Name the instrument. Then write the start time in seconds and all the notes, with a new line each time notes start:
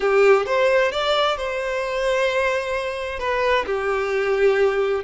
violin
0.00 G4
0.46 C5
0.91 D5
1.37 C5
3.19 B4
3.66 G4